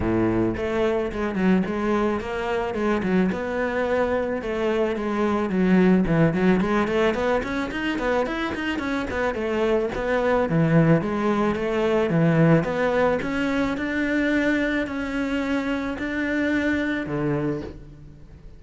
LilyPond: \new Staff \with { instrumentName = "cello" } { \time 4/4 \tempo 4 = 109 a,4 a4 gis8 fis8 gis4 | ais4 gis8 fis8 b2 | a4 gis4 fis4 e8 fis8 | gis8 a8 b8 cis'8 dis'8 b8 e'8 dis'8 |
cis'8 b8 a4 b4 e4 | gis4 a4 e4 b4 | cis'4 d'2 cis'4~ | cis'4 d'2 d4 | }